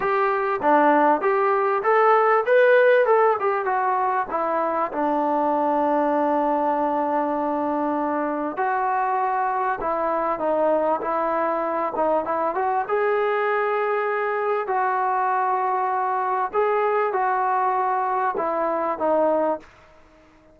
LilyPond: \new Staff \with { instrumentName = "trombone" } { \time 4/4 \tempo 4 = 98 g'4 d'4 g'4 a'4 | b'4 a'8 g'8 fis'4 e'4 | d'1~ | d'2 fis'2 |
e'4 dis'4 e'4. dis'8 | e'8 fis'8 gis'2. | fis'2. gis'4 | fis'2 e'4 dis'4 | }